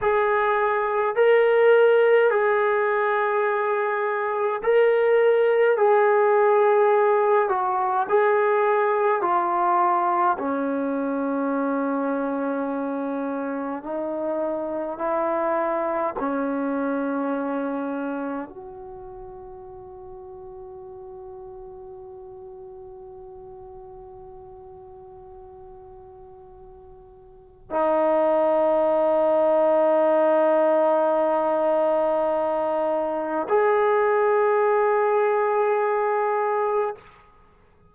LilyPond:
\new Staff \with { instrumentName = "trombone" } { \time 4/4 \tempo 4 = 52 gis'4 ais'4 gis'2 | ais'4 gis'4. fis'8 gis'4 | f'4 cis'2. | dis'4 e'4 cis'2 |
fis'1~ | fis'1 | dis'1~ | dis'4 gis'2. | }